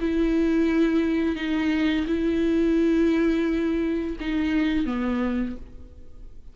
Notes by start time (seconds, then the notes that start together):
0.00 E4
1.35 D#4
2.06 E4
4.20 D#4
4.86 B3